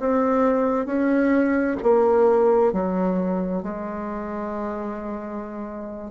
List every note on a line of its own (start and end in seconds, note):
0.00 0.86 C4
0.86 1.77 C#4
1.83 2.73 A#3
2.73 3.63 F#3
3.63 6.11 G#3